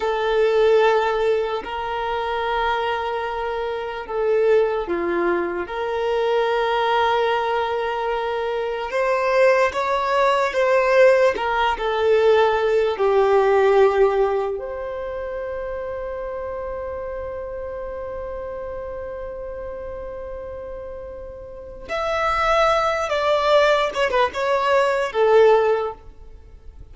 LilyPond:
\new Staff \with { instrumentName = "violin" } { \time 4/4 \tempo 4 = 74 a'2 ais'2~ | ais'4 a'4 f'4 ais'4~ | ais'2. c''4 | cis''4 c''4 ais'8 a'4. |
g'2 c''2~ | c''1~ | c''2. e''4~ | e''8 d''4 cis''16 b'16 cis''4 a'4 | }